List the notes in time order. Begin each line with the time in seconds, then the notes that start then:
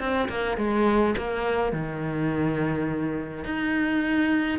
0.00 C4
0.29 A#3
0.58 G#3
1.18 A#3
1.73 D#3
3.45 D#4